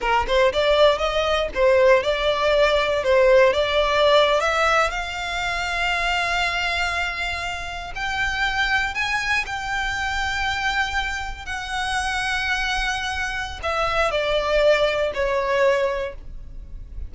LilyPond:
\new Staff \with { instrumentName = "violin" } { \time 4/4 \tempo 4 = 119 ais'8 c''8 d''4 dis''4 c''4 | d''2 c''4 d''4~ | d''8. e''4 f''2~ f''16~ | f''2.~ f''8. g''16~ |
g''4.~ g''16 gis''4 g''4~ g''16~ | g''2~ g''8. fis''4~ fis''16~ | fis''2. e''4 | d''2 cis''2 | }